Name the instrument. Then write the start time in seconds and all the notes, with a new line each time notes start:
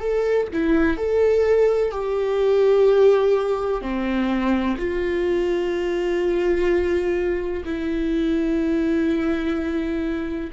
viola
0.00 A4
0.53 E4
0.97 A4
1.91 G4
3.81 C4
4.77 F4
7.65 E4